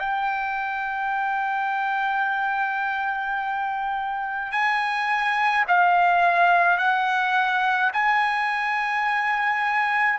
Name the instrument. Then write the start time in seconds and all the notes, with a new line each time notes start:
trumpet
0.00 G5
4.52 G#5
5.68 F5
6.78 F#5
7.93 G#5